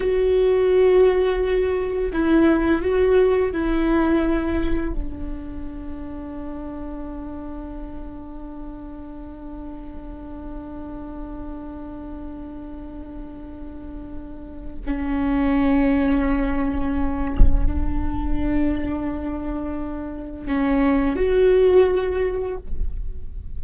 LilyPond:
\new Staff \with { instrumentName = "viola" } { \time 4/4 \tempo 4 = 85 fis'2. e'4 | fis'4 e'2 d'4~ | d'1~ | d'1~ |
d'1~ | d'4 cis'2.~ | cis'4 d'2.~ | d'4 cis'4 fis'2 | }